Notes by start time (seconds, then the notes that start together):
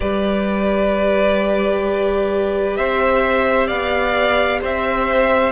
0.00 G3 G4 B4 D5
2.76 C4 C5 E5
3.67 B3 D5 F5
4.61 C4 C5 E5